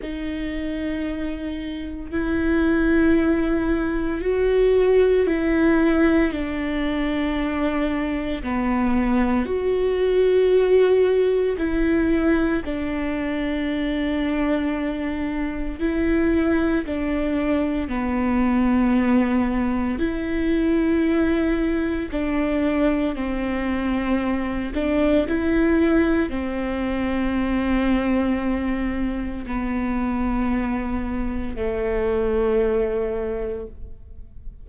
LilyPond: \new Staff \with { instrumentName = "viola" } { \time 4/4 \tempo 4 = 57 dis'2 e'2 | fis'4 e'4 d'2 | b4 fis'2 e'4 | d'2. e'4 |
d'4 b2 e'4~ | e'4 d'4 c'4. d'8 | e'4 c'2. | b2 a2 | }